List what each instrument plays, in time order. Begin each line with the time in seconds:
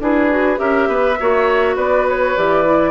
0.00 bassoon D4, clarinet E4, oboe G#4, flute B4
0.31 clarinet F#4
0.57 bassoon C#4, clarinet G4, oboe A#4, flute E5
0.88 bassoon B3, oboe B4
1.20 bassoon A#3, clarinet F#4, oboe C#5
1.76 bassoon B3, oboe B4, flute D5
2.09 flute C#5
2.36 bassoon E3, clarinet G4, flute D5
2.66 clarinet E4